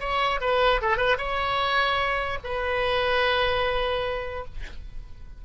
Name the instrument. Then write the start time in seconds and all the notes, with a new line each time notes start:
oboe
0.00 C#5
0.41 B4
0.82 A4
0.97 B4
1.18 C#5
2.44 B4